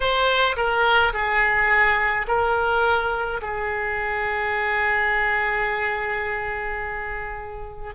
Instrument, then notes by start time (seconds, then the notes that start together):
oboe
0.00 C5
0.56 A#4
1.13 G#4
2.27 A#4
3.41 G#4